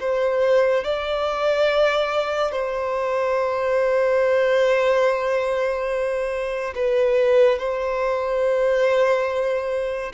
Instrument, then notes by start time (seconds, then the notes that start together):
violin
0.00 C5
0.84 D5
2.51 C5
6.75 B4
7.59 C5